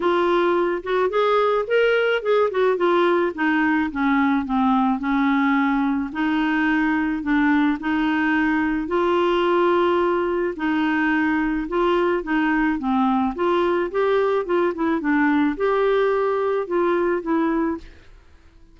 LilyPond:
\new Staff \with { instrumentName = "clarinet" } { \time 4/4 \tempo 4 = 108 f'4. fis'8 gis'4 ais'4 | gis'8 fis'8 f'4 dis'4 cis'4 | c'4 cis'2 dis'4~ | dis'4 d'4 dis'2 |
f'2. dis'4~ | dis'4 f'4 dis'4 c'4 | f'4 g'4 f'8 e'8 d'4 | g'2 f'4 e'4 | }